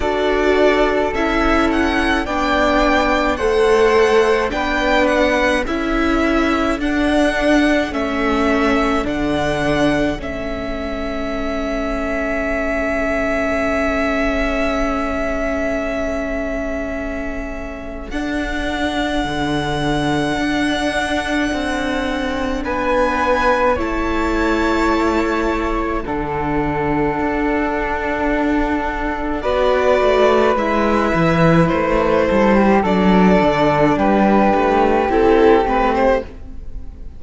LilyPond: <<
  \new Staff \with { instrumentName = "violin" } { \time 4/4 \tempo 4 = 53 d''4 e''8 fis''8 g''4 fis''4 | g''8 fis''8 e''4 fis''4 e''4 | fis''4 e''2.~ | e''1 |
fis''1 | gis''4 a''2 fis''4~ | fis''2 d''4 e''4 | c''4 d''4 b'4 a'8 b'16 c''16 | }
  \new Staff \with { instrumentName = "flute" } { \time 4/4 a'2 d''4 c''4 | b'4 a'2.~ | a'1~ | a'1~ |
a'1 | b'4 cis''2 a'4~ | a'2 b'2~ | b'8 a'16 g'16 a'4 g'2 | }
  \new Staff \with { instrumentName = "viola" } { \time 4/4 fis'4 e'4 d'4 a'4 | d'4 e'4 d'4 cis'4 | d'4 cis'2.~ | cis'1 |
d'1~ | d'4 e'2 d'4~ | d'2 fis'4 e'4~ | e'4 d'2 e'8 c'8 | }
  \new Staff \with { instrumentName = "cello" } { \time 4/4 d'4 cis'4 b4 a4 | b4 cis'4 d'4 a4 | d4 a2.~ | a1 |
d'4 d4 d'4 c'4 | b4 a2 d4 | d'2 b8 a8 gis8 e8 | a8 g8 fis8 d8 g8 a8 c'8 a8 | }
>>